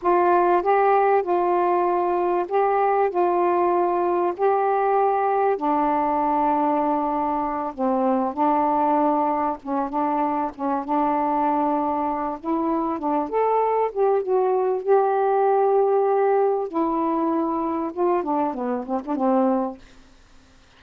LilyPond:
\new Staff \with { instrumentName = "saxophone" } { \time 4/4 \tempo 4 = 97 f'4 g'4 f'2 | g'4 f'2 g'4~ | g'4 d'2.~ | d'8 c'4 d'2 cis'8 |
d'4 cis'8 d'2~ d'8 | e'4 d'8 a'4 g'8 fis'4 | g'2. e'4~ | e'4 f'8 d'8 b8 c'16 d'16 c'4 | }